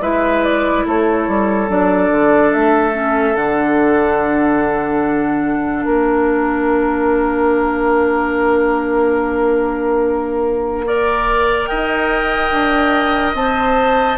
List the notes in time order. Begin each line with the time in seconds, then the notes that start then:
0.00 G#3 E4 B4 E5
0.44 D5
0.86 A3 A4 C#5
1.28 G3
1.68 F#3 D4 D5
2.11 D3
2.53 A3 E5
2.92 C#4
3.35 D3 D4 F#5
5.85 A#3 A#4 F5
10.86 A#4 D5
11.66 D#4 D#5 G5
12.51 D4
13.34 C4 C5 A5